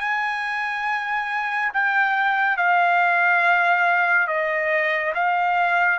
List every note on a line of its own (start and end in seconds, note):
0.00 1.71 G#5
1.73 2.57 G5
2.57 4.27 F5
4.27 5.13 D#5
5.14 5.99 F5